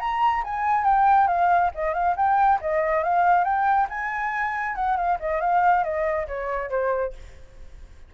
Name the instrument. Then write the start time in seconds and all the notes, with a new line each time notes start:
flute
0.00 A#5
0.44 G#5
0.84 G5
1.28 F5
1.75 D#5
1.94 F5
2.16 G5
2.61 D#5
3.04 F5
3.44 G5
3.89 G#5
4.76 F#5
4.97 F5
5.20 D#5
5.41 F5
5.84 D#5
6.28 C#5
6.70 C5